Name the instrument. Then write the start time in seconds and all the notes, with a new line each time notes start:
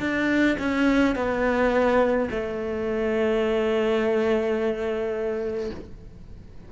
cello
0.00 D4
0.59 C#4
1.15 B3
2.31 A3